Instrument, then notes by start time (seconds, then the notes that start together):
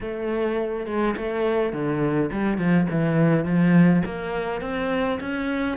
cello
0.00 A3
0.86 G#3
1.16 A3
1.73 D3
2.32 G3
2.58 F3
2.90 E3
3.45 F3
4.05 A#3
4.61 C4
5.20 C#4